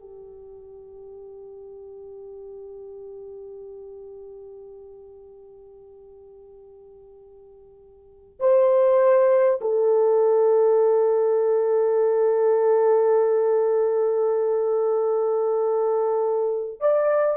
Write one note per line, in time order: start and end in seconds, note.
0.00 8.39 G4
8.39 9.59 C5
9.61 16.81 A4
16.81 17.37 D5